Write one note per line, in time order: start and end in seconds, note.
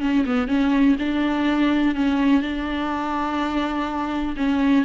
0.00 0.24 C#4
0.26 0.48 B3
0.48 0.96 C#4
0.99 1.95 D4
1.95 2.41 C#4
2.41 4.35 D4
4.36 4.85 C#4